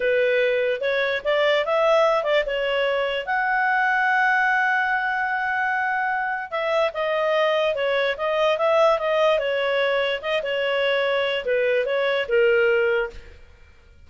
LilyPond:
\new Staff \with { instrumentName = "clarinet" } { \time 4/4 \tempo 4 = 147 b'2 cis''4 d''4 | e''4. d''8 cis''2 | fis''1~ | fis''1 |
e''4 dis''2 cis''4 | dis''4 e''4 dis''4 cis''4~ | cis''4 dis''8 cis''2~ cis''8 | b'4 cis''4 ais'2 | }